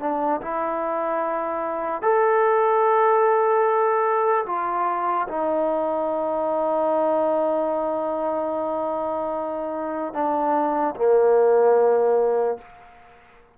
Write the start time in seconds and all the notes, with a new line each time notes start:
0.00 D4
0.41 E4
2.02 A4
4.46 F4
5.28 D#4
10.14 D4
10.95 A#3